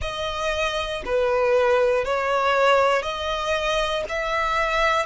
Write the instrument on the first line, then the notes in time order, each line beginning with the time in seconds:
violin
0.00 D#5
1.04 B4
2.04 C#5
3.02 D#5
4.09 E5